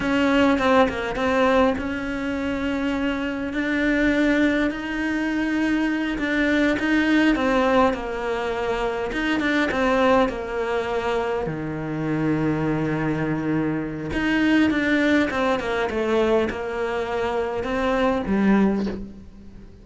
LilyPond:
\new Staff \with { instrumentName = "cello" } { \time 4/4 \tempo 4 = 102 cis'4 c'8 ais8 c'4 cis'4~ | cis'2 d'2 | dis'2~ dis'8 d'4 dis'8~ | dis'8 c'4 ais2 dis'8 |
d'8 c'4 ais2 dis8~ | dis1 | dis'4 d'4 c'8 ais8 a4 | ais2 c'4 g4 | }